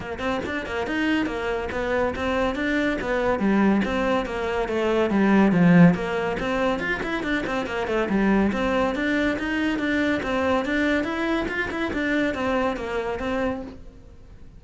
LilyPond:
\new Staff \with { instrumentName = "cello" } { \time 4/4 \tempo 4 = 141 ais8 c'8 d'8 ais8 dis'4 ais4 | b4 c'4 d'4 b4 | g4 c'4 ais4 a4 | g4 f4 ais4 c'4 |
f'8 e'8 d'8 c'8 ais8 a8 g4 | c'4 d'4 dis'4 d'4 | c'4 d'4 e'4 f'8 e'8 | d'4 c'4 ais4 c'4 | }